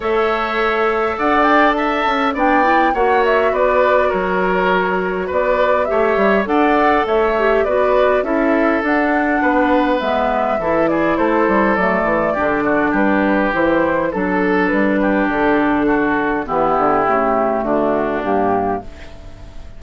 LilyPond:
<<
  \new Staff \with { instrumentName = "flute" } { \time 4/4 \tempo 4 = 102 e''2 fis''8 g''8 a''4 | g''4 fis''8 e''8 d''4 cis''4~ | cis''4 d''4 e''4 fis''4 | e''4 d''4 e''4 fis''4~ |
fis''4 e''4. d''8 c''4 | d''2 b'4 c''4 | a'4 b'4 a'2 | g'2 fis'4 g'4 | }
  \new Staff \with { instrumentName = "oboe" } { \time 4/4 cis''2 d''4 e''4 | d''4 cis''4 b'4 ais'4~ | ais'4 b'4 cis''4 d''4 | cis''4 b'4 a'2 |
b'2 a'8 gis'8 a'4~ | a'4 g'8 fis'8 g'2 | a'4. g'4. fis'4 | e'2 d'2 | }
  \new Staff \with { instrumentName = "clarinet" } { \time 4/4 a'1 | d'8 e'8 fis'2.~ | fis'2 g'4 a'4~ | a'8 g'8 fis'4 e'4 d'4~ |
d'4 b4 e'2 | a4 d'2 e'4 | d'1 | b4 a2 ais4 | }
  \new Staff \with { instrumentName = "bassoon" } { \time 4/4 a2 d'4. cis'8 | b4 ais4 b4 fis4~ | fis4 b4 a8 g8 d'4 | a4 b4 cis'4 d'4 |
b4 gis4 e4 a8 g8 | fis8 e8 d4 g4 e4 | fis4 g4 d2 | e8 d8 cis4 d4 g,4 | }
>>